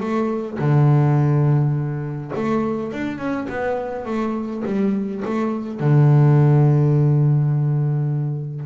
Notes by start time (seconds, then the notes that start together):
0.00 A3
0.58 D3
2.35 A3
2.92 D4
3.18 C#4
3.49 B3
4.05 A3
4.65 G3
5.25 A3
5.79 D3